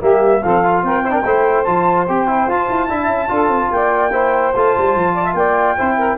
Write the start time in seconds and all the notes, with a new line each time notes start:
0.00 G3 A#3 G4 E5
0.43 F3 C4 A4 F5
0.63 F4
0.82 C4 A#4 G5
1.03 E4 C5
1.10 D4 A#4
1.24 A3 E4 C5
1.64 F3 F4 A5
2.08 C4 G4 G5
2.27 E4
2.47 F4 A5
2.69 E4
2.88 D4 E4 E5
3.07 C#4
3.28 D4 F4 A4
3.48 C4
3.71 A#3 D5 G5
4.11 E4 C5
4.55 A3 F4 A5
4.77 G3
4.95 F3
5.14 D5
5.24 E5
5.34 A#3 D5 G5
5.76 C4 E4 C5
5.97 A#4